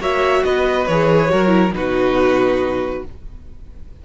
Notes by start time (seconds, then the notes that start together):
0.00 A#3 F#4 C#5 E5
0.44 B3 B4 D#5
0.87 E3 G#4 C#5
1.30 F#3 F#4 A#4
1.48 E4
1.73 B2 D#4 F#4 B4